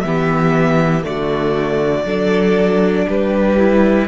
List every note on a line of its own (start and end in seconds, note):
0.00 1.04 E3
0.00 1.03 B3
0.00 1.06 G4
0.00 1.02 E5
1.03 2.04 D3
1.03 2.05 A3
1.03 2.06 F#4
1.03 3.08 D5
2.04 3.06 F#3
2.04 3.58 D4
2.04 3.07 A4
3.07 4.08 G3
3.07 4.08 G4
3.07 4.08 B4
3.58 4.08 E4